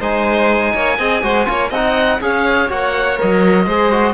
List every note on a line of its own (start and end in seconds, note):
0.00 0.73 G#3
0.00 0.98 D#4
0.00 0.73 C5
0.00 1.73 G#5
0.73 0.99 A#3
0.73 0.98 C#5
0.98 1.23 C4
0.98 1.23 G#4
0.98 1.22 D#5
1.23 1.47 G#3
1.23 1.46 F#4
1.23 1.47 C5
1.46 1.71 A#3
1.46 1.70 F4
1.46 1.70 C#5
1.70 2.20 C4
1.70 2.21 D#4
1.70 2.19 D#5
1.70 2.23 F#5
2.21 2.69 C#4
2.21 2.70 G#4
2.21 3.65 C#5
2.21 2.71 F5
2.70 3.19 A#3
2.70 3.17 F#4
2.70 3.20 F#5
3.17 3.66 F#3
3.17 3.66 A#4
3.17 4.14 D#5
3.65 4.14 G#3
3.65 3.92 G#4
3.65 4.14 C5
3.92 4.14 F#4